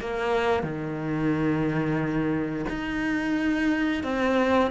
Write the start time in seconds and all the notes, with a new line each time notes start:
0.00 A#3
0.63 D#3
2.69 D#4
4.04 C4